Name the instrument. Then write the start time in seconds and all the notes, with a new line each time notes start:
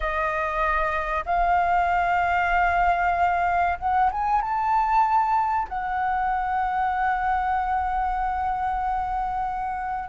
flute
0.00 D#5
1.25 F5
3.79 F#5
4.11 G#5
4.41 A5
5.68 F#5